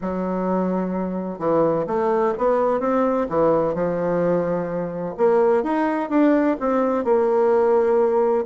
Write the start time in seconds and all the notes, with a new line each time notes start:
0.01 F#3
1.38 E3
1.86 A3
2.38 B3
2.80 C4
3.29 E3
3.74 F3
5.17 A#3
5.63 D#4
6.09 D4
6.59 C4
7.04 A#3